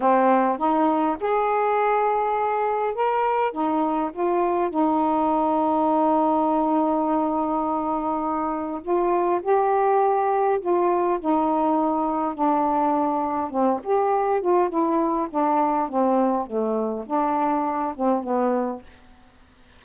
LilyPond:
\new Staff \with { instrumentName = "saxophone" } { \time 4/4 \tempo 4 = 102 c'4 dis'4 gis'2~ | gis'4 ais'4 dis'4 f'4 | dis'1~ | dis'2. f'4 |
g'2 f'4 dis'4~ | dis'4 d'2 c'8 g'8~ | g'8 f'8 e'4 d'4 c'4 | a4 d'4. c'8 b4 | }